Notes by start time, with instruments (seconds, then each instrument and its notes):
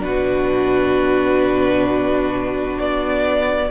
0.00 cello B2, viola D4, violin F#4 B4
2.79 cello B3, violin D5